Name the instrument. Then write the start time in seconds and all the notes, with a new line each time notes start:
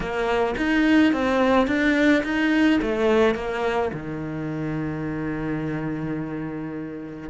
cello
0.00 A#3
0.57 D#4
1.12 C4
1.67 D4
2.23 D#4
2.82 A3
3.35 A#3
3.93 D#3